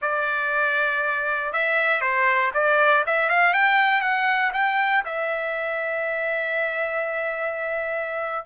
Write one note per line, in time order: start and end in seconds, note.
0.01 1.52 D5
1.52 2.01 E5
2.01 2.51 C5
2.53 3.04 D5
3.06 3.29 E5
3.29 3.53 F5
3.53 4.01 G5
4.01 4.51 F#5
4.53 5.03 G5
5.05 8.45 E5